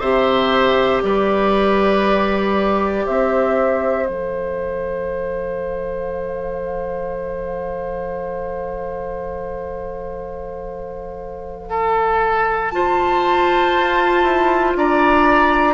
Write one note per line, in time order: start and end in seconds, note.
0.00 1.03 C3
0.00 4.06 G4
0.00 1.02 C5
0.00 1.02 E5
1.02 3.06 G3
1.02 3.04 B4
1.02 3.06 D5
3.04 4.09 C4
3.04 11.69 C5
3.04 4.06 E5
4.06 13.75 F3
4.06 12.71 A4
4.06 12.70 F5
11.69 12.71 A4
12.70 15.74 F4
12.70 14.77 C5
12.70 14.73 A5
13.75 14.23 F4
14.23 14.74 E4
14.76 15.74 D4
14.76 15.74 D5
14.76 15.74 A#5